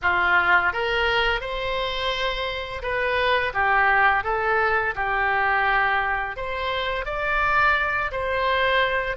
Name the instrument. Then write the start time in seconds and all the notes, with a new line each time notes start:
oboe
0.02 F4
0.73 A#4
1.41 C5
2.82 B4
3.53 G4
4.24 A4
4.95 G4
6.36 C5
7.05 D5
8.11 C5